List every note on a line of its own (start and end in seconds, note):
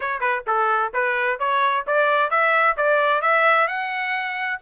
0.00 0.20 C#5
0.20 0.43 B4
0.46 0.93 A4
0.93 1.39 B4
1.39 1.85 C#5
1.86 2.30 D5
2.30 2.76 E5
2.76 3.21 D5
3.21 3.67 E5
3.67 4.59 F#5